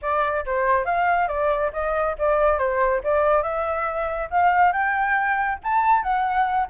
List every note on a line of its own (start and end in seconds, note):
0.02 0.45 D5
0.45 0.85 C5
0.85 1.28 F5
1.28 1.71 D5
1.72 2.16 D#5
2.18 2.58 D5
2.58 3.01 C5
3.03 3.42 D5
3.42 4.29 E5
4.30 4.72 F5
4.72 5.58 G5
5.63 6.02 A5
6.02 6.67 F#5